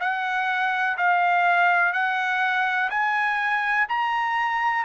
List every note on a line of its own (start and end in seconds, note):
0.00 0.97 F#5
0.97 1.93 F5
1.93 2.89 F#5
2.90 3.87 G#5
3.88 4.84 A#5